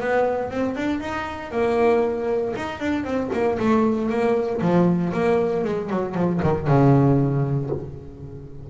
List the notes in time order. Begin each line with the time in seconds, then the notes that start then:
0.00 B3
0.51 C4
0.76 D4
1.00 D#4
1.51 A#3
2.56 D#4
2.79 D4
3.04 C4
3.33 A#3
3.59 A3
4.09 A#3
4.61 F3
5.13 A#3
5.64 G#3
5.90 F#3
6.15 F3
6.42 D#3
6.67 C#3